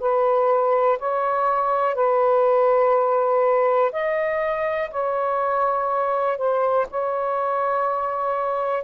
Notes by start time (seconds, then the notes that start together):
0.00 B4
0.99 C#5
1.95 B4
3.92 D#5
4.91 C#5
6.38 C5
6.91 C#5